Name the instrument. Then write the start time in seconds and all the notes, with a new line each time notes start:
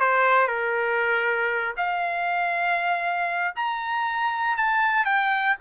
trumpet
0.00 C5
0.48 A#4
1.77 F5
3.56 A#5
4.57 A5
5.05 G5